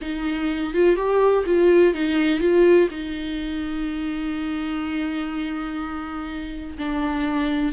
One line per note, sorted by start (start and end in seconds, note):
0.01 0.73 D#4
0.73 0.96 F4
0.96 1.44 G4
1.46 1.94 F4
1.94 2.40 D#4
2.40 2.88 F4
2.90 6.77 D#4
6.78 7.72 D4